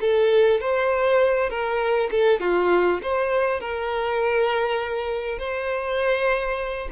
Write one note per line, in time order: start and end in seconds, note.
0.00 0.60 A4
0.60 1.49 C5
1.49 2.09 A#4
2.11 2.40 A4
2.40 3.00 F4
3.02 3.60 C5
3.60 5.38 A#4
5.38 6.88 C5